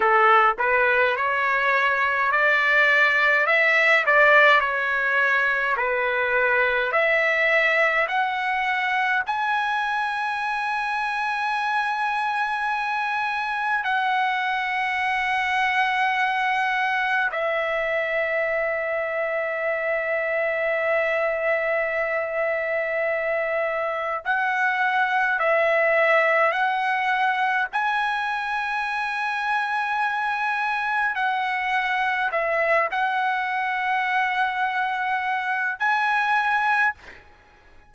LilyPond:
\new Staff \with { instrumentName = "trumpet" } { \time 4/4 \tempo 4 = 52 a'8 b'8 cis''4 d''4 e''8 d''8 | cis''4 b'4 e''4 fis''4 | gis''1 | fis''2. e''4~ |
e''1~ | e''4 fis''4 e''4 fis''4 | gis''2. fis''4 | e''8 fis''2~ fis''8 gis''4 | }